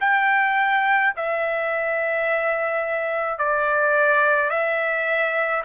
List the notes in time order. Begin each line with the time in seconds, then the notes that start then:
0.00 G5
1.16 E5
3.38 D5
4.49 E5